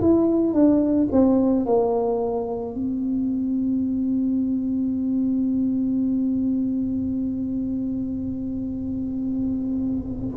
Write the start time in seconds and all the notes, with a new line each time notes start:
0.00 E4
0.53 D4
1.12 C4
1.66 A#3
2.74 C4